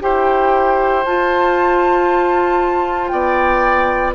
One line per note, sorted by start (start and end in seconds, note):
0.00 1.05 E4
0.00 1.03 G4
0.00 3.12 C5
0.00 1.05 G5
1.05 3.12 F4
1.05 4.14 F4
1.05 3.08 A5
3.08 4.14 B3
3.08 4.14 D5
3.08 4.11 G5